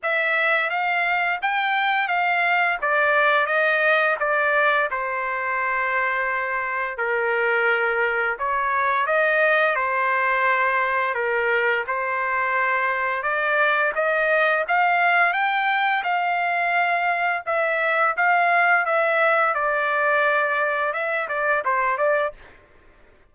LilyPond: \new Staff \with { instrumentName = "trumpet" } { \time 4/4 \tempo 4 = 86 e''4 f''4 g''4 f''4 | d''4 dis''4 d''4 c''4~ | c''2 ais'2 | cis''4 dis''4 c''2 |
ais'4 c''2 d''4 | dis''4 f''4 g''4 f''4~ | f''4 e''4 f''4 e''4 | d''2 e''8 d''8 c''8 d''8 | }